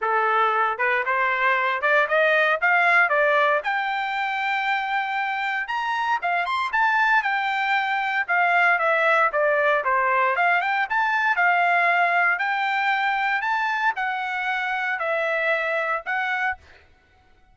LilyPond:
\new Staff \with { instrumentName = "trumpet" } { \time 4/4 \tempo 4 = 116 a'4. b'8 c''4. d''8 | dis''4 f''4 d''4 g''4~ | g''2. ais''4 | f''8 c'''8 a''4 g''2 |
f''4 e''4 d''4 c''4 | f''8 g''8 a''4 f''2 | g''2 a''4 fis''4~ | fis''4 e''2 fis''4 | }